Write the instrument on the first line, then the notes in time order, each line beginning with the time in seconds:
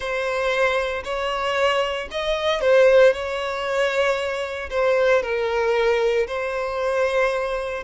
violin
0.00 C5
1.04 C#5
2.11 D#5
2.60 C5
3.13 C#5
4.70 C5
5.22 A#4
6.27 C5